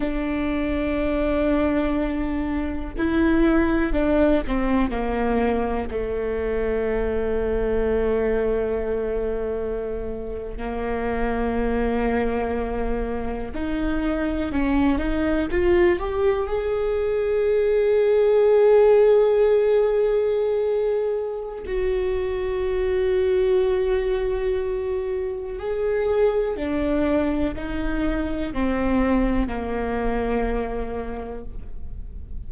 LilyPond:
\new Staff \with { instrumentName = "viola" } { \time 4/4 \tempo 4 = 61 d'2. e'4 | d'8 c'8 ais4 a2~ | a2~ a8. ais4~ ais16~ | ais4.~ ais16 dis'4 cis'8 dis'8 f'16~ |
f'16 g'8 gis'2.~ gis'16~ | gis'2 fis'2~ | fis'2 gis'4 d'4 | dis'4 c'4 ais2 | }